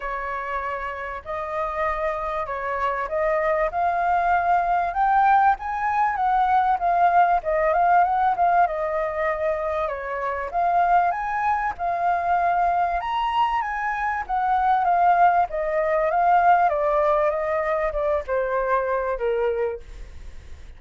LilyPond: \new Staff \with { instrumentName = "flute" } { \time 4/4 \tempo 4 = 97 cis''2 dis''2 | cis''4 dis''4 f''2 | g''4 gis''4 fis''4 f''4 | dis''8 f''8 fis''8 f''8 dis''2 |
cis''4 f''4 gis''4 f''4~ | f''4 ais''4 gis''4 fis''4 | f''4 dis''4 f''4 d''4 | dis''4 d''8 c''4. ais'4 | }